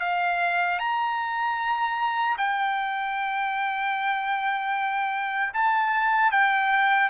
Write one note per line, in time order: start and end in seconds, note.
0.00 0.79 F5
0.79 2.37 A#5
2.38 5.53 G5
5.54 6.32 A5
6.32 7.10 G5